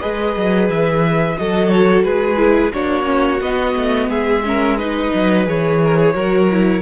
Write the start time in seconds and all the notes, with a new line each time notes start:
0.00 G#3 G#4 B4 D#5
0.36 F#3
0.69 E3 E5
1.37 F#3 F#4 A4 D#5
1.69 C#5
2.03 G#3 G#4 B4
2.37 E4
2.73 A#3 D4 F#4 C#5
3.04 C#4
3.41 B3 D#5
3.76 A3
4.08 G#3 G#4 E5
4.44 C#4 A#4
4.77 D#4 B4 D#5
5.14 F#3
5.46 E3 G#4 C#5
5.84 A#4
5.97 G#4
6.14 F#3 F#4 A#4
6.50 E4